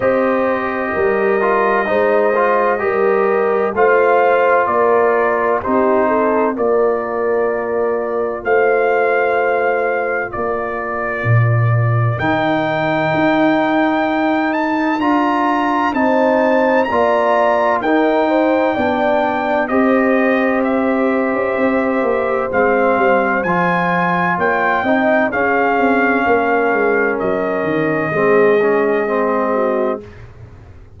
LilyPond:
<<
  \new Staff \with { instrumentName = "trumpet" } { \time 4/4 \tempo 4 = 64 dis''1 | f''4 d''4 c''4 d''4~ | d''4 f''2 d''4~ | d''4 g''2~ g''8 a''8 |
ais''4 a''4 ais''4 g''4~ | g''4 dis''4 e''2 | f''4 gis''4 g''4 f''4~ | f''4 dis''2. | }
  \new Staff \with { instrumentName = "horn" } { \time 4/4 c''4 ais'4 c''4 ais'4 | c''4 ais'4 g'8 a'8 ais'4~ | ais'4 c''2 ais'4~ | ais'1~ |
ais'4 c''4 d''4 ais'8 c''8 | d''4 c''2.~ | c''2 cis''8 dis''8 gis'4 | ais'2 gis'4. fis'8 | }
  \new Staff \with { instrumentName = "trombone" } { \time 4/4 g'4. f'8 dis'8 f'8 g'4 | f'2 dis'4 f'4~ | f'1~ | f'4 dis'2. |
f'4 dis'4 f'4 dis'4 | d'4 g'2. | c'4 f'4. dis'8 cis'4~ | cis'2 c'8 cis'8 c'4 | }
  \new Staff \with { instrumentName = "tuba" } { \time 4/4 c'4 g4 gis4 g4 | a4 ais4 c'4 ais4~ | ais4 a2 ais4 | ais,4 dis4 dis'2 |
d'4 c'4 ais4 dis'4 | b4 c'4.~ c'16 cis'16 c'8 ais8 | gis8 g8 f4 ais8 c'8 cis'8 c'8 | ais8 gis8 fis8 dis8 gis2 | }
>>